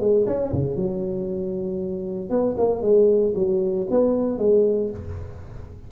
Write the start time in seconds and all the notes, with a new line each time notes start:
0.00 G#3
0.27 C#4
0.53 C#3
0.76 F#3
2.30 B3
2.58 A#3
2.82 G#3
3.36 F#3
3.91 B3
4.39 G#3